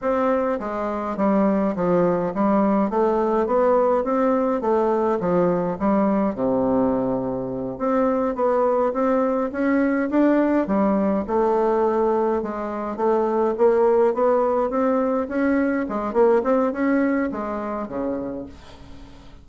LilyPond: \new Staff \with { instrumentName = "bassoon" } { \time 4/4 \tempo 4 = 104 c'4 gis4 g4 f4 | g4 a4 b4 c'4 | a4 f4 g4 c4~ | c4. c'4 b4 c'8~ |
c'8 cis'4 d'4 g4 a8~ | a4. gis4 a4 ais8~ | ais8 b4 c'4 cis'4 gis8 | ais8 c'8 cis'4 gis4 cis4 | }